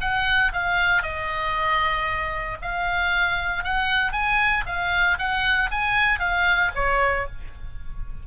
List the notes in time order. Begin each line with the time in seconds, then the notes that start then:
0.00 F#5
0.52 F5
1.02 D#5
2.61 F5
3.63 F#5
4.12 G#5
4.66 F5
5.18 F#5
5.71 G#5
6.19 F5
6.75 C#5